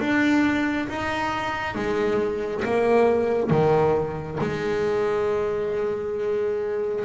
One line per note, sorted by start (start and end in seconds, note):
0.00 0.88 D4
0.89 1.76 D#4
1.76 2.64 G#3
2.65 3.51 A#3
3.51 4.39 D#3
4.41 7.05 G#3